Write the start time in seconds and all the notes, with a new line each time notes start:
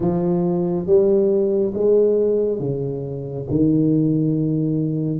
0.00 F3
0.86 G3
1.74 G#3
2.59 C#3
3.50 D#3